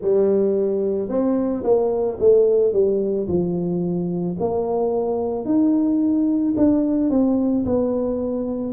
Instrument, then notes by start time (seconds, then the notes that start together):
tuba
0.01 G3
1.09 C4
1.63 A#3
2.19 A3
2.73 G3
3.27 F3
4.39 A#3
5.45 D#4
6.57 D4
7.10 C4
7.65 B3